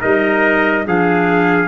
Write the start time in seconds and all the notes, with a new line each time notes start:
0.00 G3 D#4 A#4 D#5
0.86 F3 D4 G#4 F5